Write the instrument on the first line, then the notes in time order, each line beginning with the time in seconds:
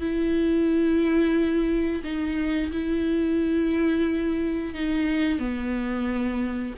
viola
0.00 E4
2.04 D#4
2.72 E4
4.74 D#4
5.39 B3